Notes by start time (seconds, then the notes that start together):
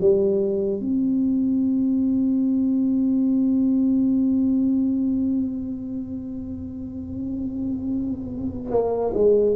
0.00 G3
0.80 C4
8.71 A#3
9.14 G#3